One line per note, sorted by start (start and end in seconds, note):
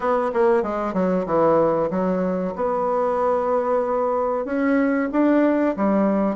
0.00 0.31 B3
0.33 0.62 A#3
0.62 0.93 G#3
0.93 1.25 F#3
1.26 1.89 E3
1.90 2.54 F#3
2.55 4.45 B3
4.45 5.09 C#4
5.12 5.75 D4
5.76 6.35 G3